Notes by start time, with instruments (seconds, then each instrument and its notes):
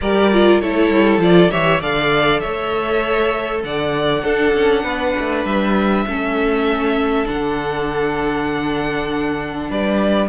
0.01 cello G3, viola G4, violin A#4 D5
0.32 viola F4
0.60 cello A3, viola E4, violin A4 C#5
0.89 cello G3
1.17 cello F3, viola F4, violin D5
1.50 cello E3, viola G4, violin C#5 E5
1.80 cello D3, viola A4, violin D5 F5
2.40 cello A3, violin C#5 E5
3.63 cello D3, violin D5 F#5
4.23 cello D4, viola D4, violin A4
4.53 cello C#4
4.83 cello B3, violin B4
5.19 cello A3
5.44 cello G3, violin E5
6.06 cello A3, viola C#4, violin A4
7.24 cello D3, viola D4, violin F#5
9.69 cello G3, violin B4 D5